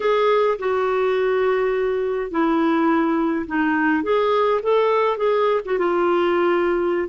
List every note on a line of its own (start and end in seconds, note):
0.00 0.58 G#4
0.58 2.30 F#4
2.30 3.46 E4
3.46 4.03 D#4
4.03 4.60 G#4
4.62 5.17 A4
5.17 5.60 G#4
5.65 5.78 F#4
5.78 7.08 F4